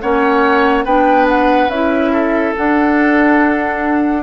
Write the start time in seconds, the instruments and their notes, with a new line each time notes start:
0.00 bassoon A#3, clarinet C#4, oboe C#5, flute F#5
0.84 bassoon B3, clarinet D4, oboe B4, flute G5
1.28 flute F#5
1.68 bassoon C#4, clarinet E4, flute E5
2.12 oboe A4
2.55 clarinet D4, bassoon D4, flute F#5